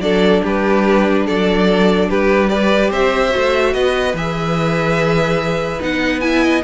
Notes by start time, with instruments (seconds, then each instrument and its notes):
0.00 cello F#3, viola D4, violin A4 D5
0.43 cello G3, violin G4 B4
1.26 cello F#3, violin A4 D5
2.10 cello G3, violin G4 B4
2.49 viola G4, violin B4 D5
2.91 cello C4, violin C5 E5
3.31 cello A3, viola F#4
3.74 cello B3, violin B4 D#5
4.14 cello E3, viola G#4, violin E5
5.80 cello B3, viola D#4, violin F#5
6.21 viola E4, violin E5 G#5
6.44 violin D#5